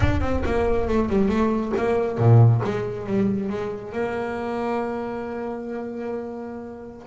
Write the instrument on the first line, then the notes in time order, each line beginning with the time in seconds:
double bass
0.00 D4
0.21 C4
0.45 A#3
0.88 A3
1.09 G3
1.28 A3
1.76 A#3
2.18 A#2
2.64 G#3
3.06 G3
3.49 G#3
3.92 A#3